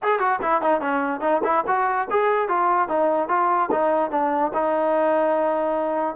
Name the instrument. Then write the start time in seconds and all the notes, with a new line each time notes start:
trombone
0.02 G#4
0.19 F#4
0.42 E4
0.61 D#4
0.81 C#4
1.20 D#4
1.44 E4
1.67 F#4
2.10 G#4
2.48 F4
2.88 D#4
3.28 F4
3.71 D#4
4.11 D4
4.53 D#4